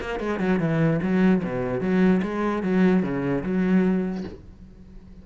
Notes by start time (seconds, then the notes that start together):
0.00 A#3
0.19 G#3
0.39 F#3
0.59 E3
1.02 F#3
1.43 B2
1.80 F#3
2.22 G#3
2.63 F#3
3.03 C#3
3.43 F#3